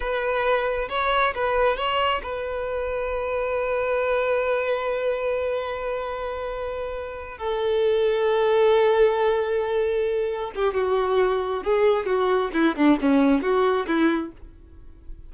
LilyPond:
\new Staff \with { instrumentName = "violin" } { \time 4/4 \tempo 4 = 134 b'2 cis''4 b'4 | cis''4 b'2.~ | b'1~ | b'1~ |
b'8 a'2.~ a'8~ | a'2.~ a'8 g'8 | fis'2 gis'4 fis'4 | e'8 d'8 cis'4 fis'4 e'4 | }